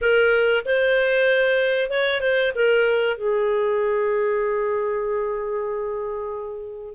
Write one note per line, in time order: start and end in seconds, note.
0.01 0.64 A#4
0.65 1.90 C5
1.90 2.20 C#5
2.20 2.52 C5
2.55 3.17 A#4
3.17 6.94 G#4